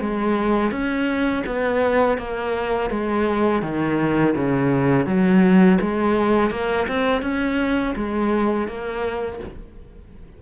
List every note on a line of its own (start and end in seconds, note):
0.00 0.71 G#3
0.71 1.43 C#4
1.46 2.18 B3
2.18 2.90 A#3
2.90 3.62 G#3
3.62 4.34 D#3
4.36 5.06 C#3
5.06 5.78 F#3
5.81 6.51 G#3
6.51 6.87 A#3
6.88 7.22 C4
7.22 7.94 C#4
7.96 8.67 G#3
8.67 9.40 A#3